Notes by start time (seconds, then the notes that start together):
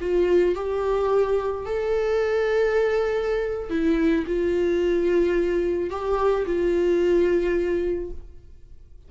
0.00 F4
0.55 G4
1.65 A4
3.70 E4
4.26 F4
5.90 G4
6.46 F4